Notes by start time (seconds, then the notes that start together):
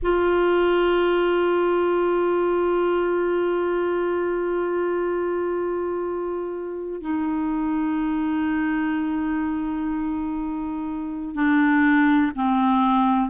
0.02 F4
7.01 D#4
11.35 D4
12.35 C4